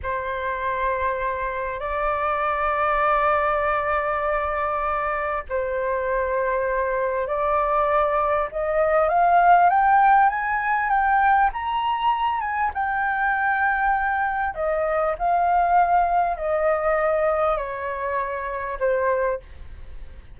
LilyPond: \new Staff \with { instrumentName = "flute" } { \time 4/4 \tempo 4 = 99 c''2. d''4~ | d''1~ | d''4 c''2. | d''2 dis''4 f''4 |
g''4 gis''4 g''4 ais''4~ | ais''8 gis''8 g''2. | dis''4 f''2 dis''4~ | dis''4 cis''2 c''4 | }